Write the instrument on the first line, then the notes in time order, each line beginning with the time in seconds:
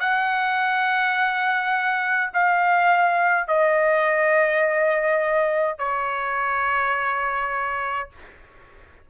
trumpet
0.00 F#5
2.34 F5
3.48 D#5
5.78 C#5